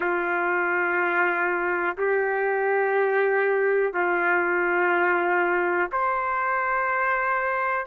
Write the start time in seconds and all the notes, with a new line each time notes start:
0.00 F4
1.97 G4
3.93 F4
5.92 C5